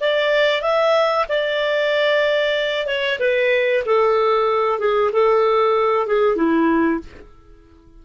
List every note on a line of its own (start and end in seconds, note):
0.00 0.62 D5
0.62 1.26 E5
1.28 2.87 D5
2.87 3.19 C#5
3.19 3.83 B4
3.86 4.79 A4
4.79 5.11 G#4
5.12 6.06 A4
6.06 6.36 G#4
6.36 7.00 E4